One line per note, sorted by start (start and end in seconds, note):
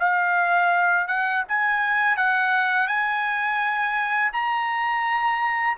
0.00 1.08 F5
1.08 1.44 F#5
1.49 2.17 G#5
2.17 2.88 F#5
2.88 4.32 G#5
4.33 5.78 A#5